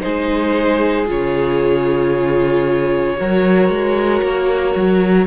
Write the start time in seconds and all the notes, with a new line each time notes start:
0.00 G#3 D#4 G#4 C5
1.06 C#3 F4 C#5
3.17 F#3 F#4 A#4
3.69 G#3
4.22 A#3
4.75 F#3